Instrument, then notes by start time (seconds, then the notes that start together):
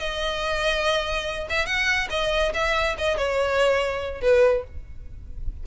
violin
0.00 D#5
1.50 E5
1.66 F#5
2.10 D#5
2.54 E5
2.98 D#5
3.17 C#5
4.22 B4